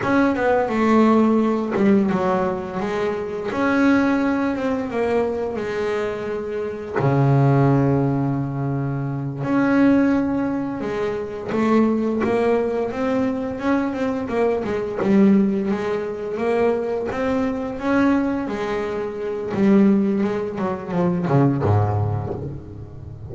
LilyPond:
\new Staff \with { instrumentName = "double bass" } { \time 4/4 \tempo 4 = 86 cis'8 b8 a4. g8 fis4 | gis4 cis'4. c'8 ais4 | gis2 cis2~ | cis4. cis'2 gis8~ |
gis8 a4 ais4 c'4 cis'8 | c'8 ais8 gis8 g4 gis4 ais8~ | ais8 c'4 cis'4 gis4. | g4 gis8 fis8 f8 cis8 gis,4 | }